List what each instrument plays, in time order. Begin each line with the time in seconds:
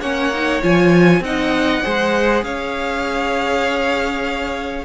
0.00 cello A#3, viola C#4, violin C#5 F#5
0.33 viola D#4
0.61 cello F3, viola F4, violin G#5
1.20 cello C4, viola D#4, violin D#5 F#5
1.82 cello G#3, viola G#4, violin C5
2.43 cello C#4, violin C#5 F5